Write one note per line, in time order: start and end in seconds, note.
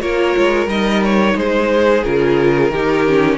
0.00 0.35 A#3
0.00 0.67 F4
0.00 1.36 A#4
0.00 0.68 C#5
0.37 0.66 G#3
0.66 1.34 G3
0.66 2.03 D#4
0.66 1.03 D#5
1.04 1.37 C#5
1.35 2.03 G#3
1.35 2.72 G#4
1.35 2.03 C5
2.03 2.70 C#3
2.03 2.71 F4
2.03 3.38 A#4
2.70 3.37 D#3
2.70 3.07 D#4
2.70 3.38 G4
3.07 3.38 C#4